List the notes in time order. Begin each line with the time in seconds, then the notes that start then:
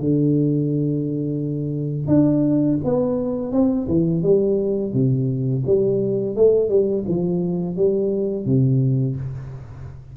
0.00 D3
2.08 D4
2.85 B3
3.53 C4
3.88 E3
4.23 G3
4.93 C3
5.67 G3
6.36 A3
6.69 G3
7.08 F3
7.77 G3
8.46 C3